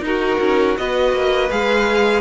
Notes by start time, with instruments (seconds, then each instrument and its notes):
0.00 cello D#4, viola D#4, violin A#4
0.07 violin F#4
0.40 cello C#4
0.77 cello B3, viola F#4, violin B4 D#5
1.12 cello A#3
1.50 cello G#3, viola G#4, violin F5